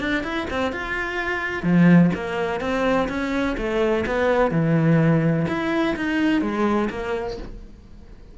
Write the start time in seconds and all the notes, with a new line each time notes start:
0.00 D4
0.24 E4
0.50 C4
0.72 F4
1.63 F3
2.15 A#3
2.61 C4
3.09 C#4
3.58 A3
4.06 B3
4.51 E3
5.48 E4
5.96 D#4
6.42 G#3
6.90 A#3